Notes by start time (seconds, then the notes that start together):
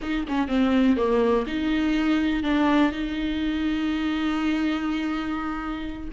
0.02 D#4
0.28 C#4
0.48 C4
0.96 A#3
1.47 D#4
2.43 D4
2.91 D#4